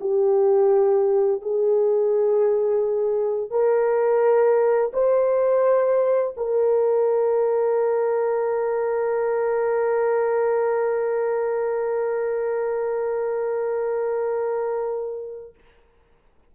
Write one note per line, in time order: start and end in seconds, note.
0.00 1.41 G4
1.41 3.50 G#4
3.50 4.91 A#4
4.93 6.34 C5
6.37 15.54 A#4